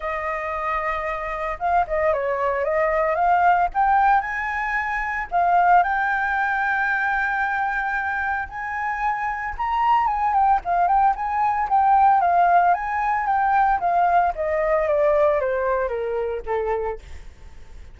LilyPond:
\new Staff \with { instrumentName = "flute" } { \time 4/4 \tempo 4 = 113 dis''2. f''8 dis''8 | cis''4 dis''4 f''4 g''4 | gis''2 f''4 g''4~ | g''1 |
gis''2 ais''4 gis''8 g''8 | f''8 g''8 gis''4 g''4 f''4 | gis''4 g''4 f''4 dis''4 | d''4 c''4 ais'4 a'4 | }